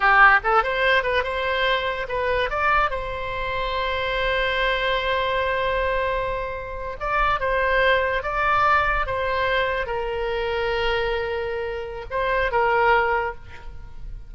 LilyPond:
\new Staff \with { instrumentName = "oboe" } { \time 4/4 \tempo 4 = 144 g'4 a'8 c''4 b'8 c''4~ | c''4 b'4 d''4 c''4~ | c''1~ | c''1~ |
c''8. d''4 c''2 d''16~ | d''4.~ d''16 c''2 ais'16~ | ais'1~ | ais'4 c''4 ais'2 | }